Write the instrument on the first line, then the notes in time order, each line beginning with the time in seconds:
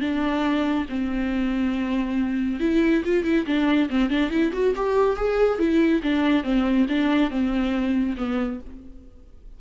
viola
0.00 D4
0.89 C4
2.60 E4
3.04 F4
3.24 E4
3.46 D4
3.89 C4
4.10 D4
4.30 E4
4.53 F#4
4.75 G4
5.16 G#4
5.58 E4
6.02 D4
6.43 C4
6.88 D4
7.30 C4
8.17 B3